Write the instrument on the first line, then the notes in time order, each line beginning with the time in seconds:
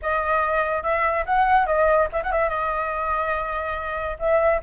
flute
0.02 D#5
0.83 E5
1.25 F#5
1.66 D#5
2.12 E5
2.23 F#5
2.32 E5
2.49 D#5
4.19 E5